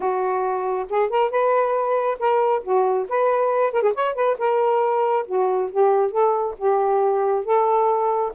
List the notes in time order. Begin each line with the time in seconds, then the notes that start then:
0.00 F#4
0.89 G#4
1.09 A#4
1.30 B4
2.19 A#4
2.63 F#4
3.08 B4
3.73 A#4
3.82 G#4
3.94 C#5
4.14 B4
4.38 A#4
5.26 F#4
5.71 G4
6.11 A4
6.58 G4
7.45 A4